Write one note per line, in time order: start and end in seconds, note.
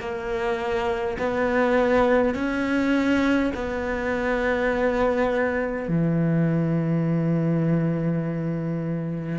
0.00 1.18 A#3
1.19 2.35 B3
2.35 3.52 C#4
3.56 5.89 B3
5.89 9.39 E3